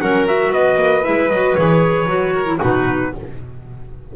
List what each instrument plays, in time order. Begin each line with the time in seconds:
0.00 double bass F#3, clarinet C#4, violin A#4, trumpet F#5
0.26 clarinet F#4, trumpet E5
0.49 double bass B3, violin B4, trumpet D#5
0.76 double bass A#3
1.03 double bass G#3, clarinet E4, trumpet E5
1.29 double bass F#3, clarinet F#4, trumpet D#5
1.55 double bass E3, clarinet G#4, trumpet C#5
2.06 double bass F#3, clarinet F#4
2.33 violin A#4
2.45 clarinet E4
2.59 double bass B2, clarinet D#4, violin F#4, trumpet B4